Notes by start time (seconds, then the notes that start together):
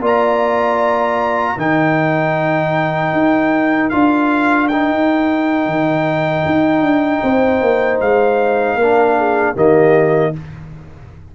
0.00 A#3 F4 D5
0.06 A#5
1.54 D#3 D#4 A#4 G5
3.13 D#4
3.90 D4 F4 F5
4.68 D#4 G5
4.90 D#4
5.67 D#3
6.46 D#4
6.81 D4
7.23 C4 C5
7.62 A#3
8.01 G#3 F5
8.76 A#3 A#4
8.82 D4
9.18 G#4
9.55 D#3 A#3 G4 D#5